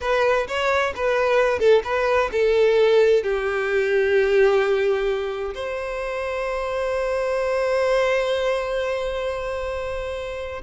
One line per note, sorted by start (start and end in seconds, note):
0.01 0.47 B4
0.47 0.93 C#5
0.95 1.59 B4
1.59 1.82 A4
1.84 2.30 B4
2.32 3.23 A4
3.23 5.54 G4
5.54 10.62 C5